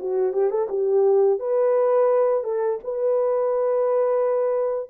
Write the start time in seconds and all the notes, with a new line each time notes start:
0.00 F#4
0.34 G4
0.51 A4
0.69 G4
1.40 B4
2.44 A4
2.84 B4